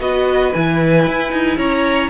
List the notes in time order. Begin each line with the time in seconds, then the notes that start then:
0.00 B3 F#4 B4 D#5
0.53 E3 E4 G#5
1.07 E4
1.33 D#4
1.57 C#4 C#5 A#5